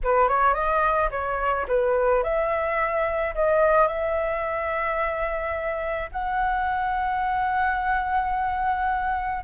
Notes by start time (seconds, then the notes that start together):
0.03 B4
0.28 C#5
0.54 D#5
1.11 C#5
1.67 B4
2.23 E5
3.34 D#5
3.87 E5
6.11 F#5